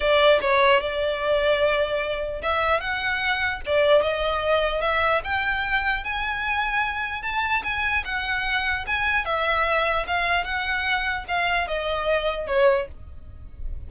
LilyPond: \new Staff \with { instrumentName = "violin" } { \time 4/4 \tempo 4 = 149 d''4 cis''4 d''2~ | d''2 e''4 fis''4~ | fis''4 d''4 dis''2 | e''4 g''2 gis''4~ |
gis''2 a''4 gis''4 | fis''2 gis''4 e''4~ | e''4 f''4 fis''2 | f''4 dis''2 cis''4 | }